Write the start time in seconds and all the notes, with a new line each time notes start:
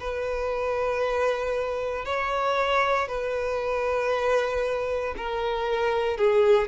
0.00 B4
2.05 C#5
3.08 B4
5.17 A#4
6.17 G#4